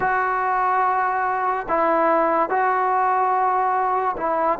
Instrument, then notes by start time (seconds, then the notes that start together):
trombone
0.00 F#4
1.68 E4
2.49 F#4
4.17 E4